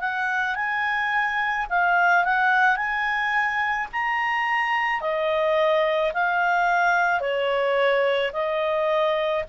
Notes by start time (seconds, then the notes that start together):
0.00 F#5
0.55 G#5
1.70 F5
2.24 F#5
2.77 G#5
3.92 A#5
5.01 D#5
6.14 F5
7.20 C#5
8.33 D#5